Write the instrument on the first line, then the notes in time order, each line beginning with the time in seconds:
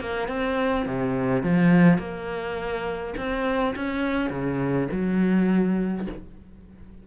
cello
0.00 A#3
0.28 C4
0.86 C3
1.42 F3
1.98 A#3
3.17 C4
3.75 C#4
4.30 C#3
4.91 F#3